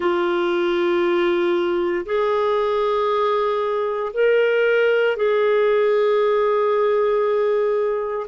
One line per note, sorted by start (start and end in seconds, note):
0.00 2.05 F4
2.05 4.12 G#4
4.13 5.16 A#4
5.16 8.27 G#4